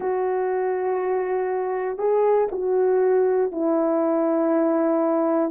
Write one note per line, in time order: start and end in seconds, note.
0.00 1.97 F#4
1.97 2.48 G#4
2.51 3.51 F#4
3.51 5.50 E4